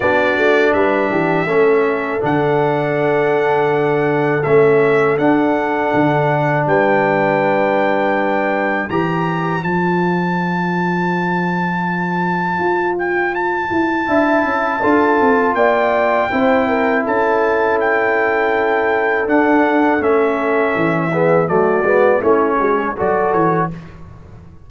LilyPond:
<<
  \new Staff \with { instrumentName = "trumpet" } { \time 4/4 \tempo 4 = 81 d''4 e''2 fis''4~ | fis''2 e''4 fis''4~ | fis''4 g''2. | ais''4 a''2.~ |
a''4. g''8 a''2~ | a''4 g''2 a''4 | g''2 fis''4 e''4~ | e''4 d''4 cis''4 d''8 cis''8 | }
  \new Staff \with { instrumentName = "horn" } { \time 4/4 fis'4 b'8 g'8 a'2~ | a'1~ | a'4 b'2. | c''1~ |
c''2. e''4 | a'4 d''4 c''8 ais'8 a'4~ | a'1~ | a'8 gis'8 fis'4 e'8 fis'16 gis'16 a'4 | }
  \new Staff \with { instrumentName = "trombone" } { \time 4/4 d'2 cis'4 d'4~ | d'2 cis'4 d'4~ | d'1 | g'4 f'2.~ |
f'2. e'4 | f'2 e'2~ | e'2 d'4 cis'4~ | cis'8 b8 a8 b8 cis'4 fis'4 | }
  \new Staff \with { instrumentName = "tuba" } { \time 4/4 b8 a8 g8 e8 a4 d4~ | d2 a4 d'4 | d4 g2. | e4 f2.~ |
f4 f'4. e'8 d'8 cis'8 | d'8 c'8 ais4 c'4 cis'4~ | cis'2 d'4 a4 | e4 fis8 gis8 a8 gis8 fis8 e8 | }
>>